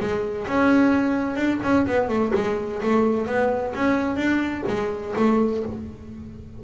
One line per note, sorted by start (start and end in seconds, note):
0.00 0.47 G#3
0.47 1.36 C#4
1.36 1.60 D4
1.63 1.86 C#4
1.86 2.09 B3
2.09 2.32 A3
2.35 2.82 G#3
2.83 3.26 A3
3.26 3.73 B3
3.75 4.16 C#4
4.16 4.63 D4
4.68 5.15 G#3
5.16 5.63 A3